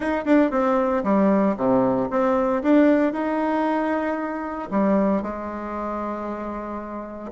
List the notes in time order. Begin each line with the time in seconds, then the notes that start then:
0.00 D#4
0.25 D4
0.51 C4
1.03 G3
1.56 C3
2.10 C4
2.62 D4
3.12 D#4
4.70 G3
5.22 G#3